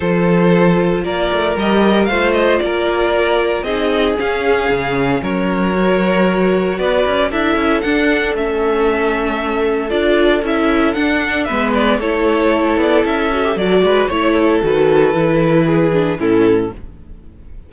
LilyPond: <<
  \new Staff \with { instrumentName = "violin" } { \time 4/4 \tempo 4 = 115 c''2 d''4 dis''4 | f''8 dis''8 d''2 dis''4 | f''2 cis''2~ | cis''4 d''4 e''4 fis''4 |
e''2. d''4 | e''4 fis''4 e''8 d''8 cis''4~ | cis''8 d''8 e''4 d''4 cis''4 | b'2. a'4 | }
  \new Staff \with { instrumentName = "violin" } { \time 4/4 a'2 ais'2 | c''4 ais'2 gis'4~ | gis'2 ais'2~ | ais'4 b'4 a'2~ |
a'1~ | a'2 b'4 a'4~ | a'2~ a'8 b'8 cis''8 a'8~ | a'2 gis'4 e'4 | }
  \new Staff \with { instrumentName = "viola" } { \time 4/4 f'2. g'4 | f'2. dis'4 | cis'2. fis'4~ | fis'2 e'4 d'4 |
cis'2. f'4 | e'4 d'4 b4 e'4~ | e'4. fis'16 g'16 fis'4 e'4 | fis'4 e'4. d'8 cis'4 | }
  \new Staff \with { instrumentName = "cello" } { \time 4/4 f2 ais8 a8 g4 | a4 ais2 c'4 | cis'4 cis4 fis2~ | fis4 b8 cis'8 d'8 cis'8 d'4 |
a2. d'4 | cis'4 d'4 gis4 a4~ | a8 b8 cis'4 fis8 gis8 a4 | dis4 e2 a,4 | }
>>